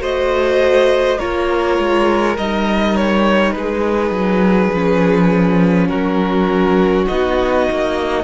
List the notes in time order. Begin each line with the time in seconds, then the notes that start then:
0.00 A3 F#4 C5 D#5
1.19 A#3 F4 A#4 C#5
1.79 G#3
2.37 G3 D#4 D#5
2.96 C#5
3.52 G#3 G#4 B4
4.11 F#3
4.74 F3 C#4
5.88 F#3 F#4 A#4
7.07 B3 D#4 D#5
7.71 A#3